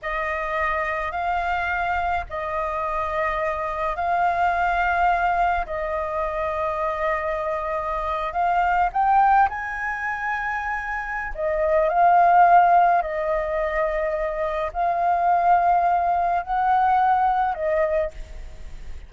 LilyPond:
\new Staff \with { instrumentName = "flute" } { \time 4/4 \tempo 4 = 106 dis''2 f''2 | dis''2. f''4~ | f''2 dis''2~ | dis''2~ dis''8. f''4 g''16~ |
g''8. gis''2.~ gis''16 | dis''4 f''2 dis''4~ | dis''2 f''2~ | f''4 fis''2 dis''4 | }